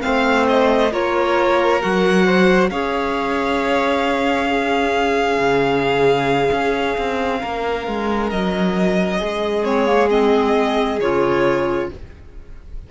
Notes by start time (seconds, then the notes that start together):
0.00 A3 C4 C5 F5
0.48 D#5
0.91 A#3 F4 A#4 C#5
1.80 F#3 F#4 F#5
2.25 C5
2.70 C#4 G#4 C#5 F5
4.48 C#4 G#4
5.38 C#3
6.52 C#4
6.98 C4
7.40 A#3 A#4
7.87 G#3
8.30 F#3 D#5
9.18 G#3 G#4
9.63 C4 C#5
9.86 A#3
10.10 C4 D#5
11.00 C#3 F4 C#5